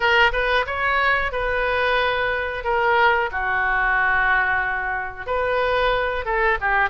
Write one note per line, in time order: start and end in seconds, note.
0.00 0.31 A#4
0.32 0.65 B4
0.66 1.32 C#5
1.32 2.63 B4
2.64 3.30 A#4
3.31 5.26 F#4
5.26 6.25 B4
6.25 6.58 A4
6.61 6.89 G4